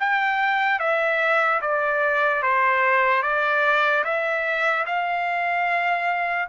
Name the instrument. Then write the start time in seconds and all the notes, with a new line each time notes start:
trumpet
0.00 G5
0.80 E5
1.61 D5
2.43 C5
3.23 D5
4.04 E5
4.86 F5